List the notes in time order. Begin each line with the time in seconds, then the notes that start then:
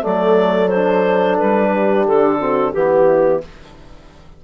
0.00 F#3 A3 A4 D5
0.68 D4 C5
1.38 G3 B4
1.72 G4
2.06 D3 A4
2.39 C4 F#4
2.73 E3 B3 E4 G4